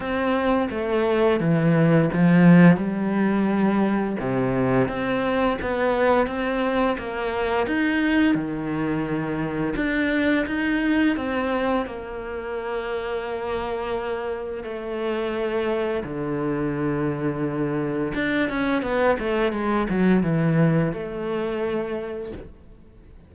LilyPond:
\new Staff \with { instrumentName = "cello" } { \time 4/4 \tempo 4 = 86 c'4 a4 e4 f4 | g2 c4 c'4 | b4 c'4 ais4 dis'4 | dis2 d'4 dis'4 |
c'4 ais2.~ | ais4 a2 d4~ | d2 d'8 cis'8 b8 a8 | gis8 fis8 e4 a2 | }